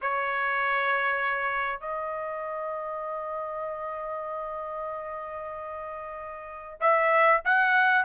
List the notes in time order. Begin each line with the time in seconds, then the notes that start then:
0.01 C#5
1.80 D#5
6.80 E5
7.44 F#5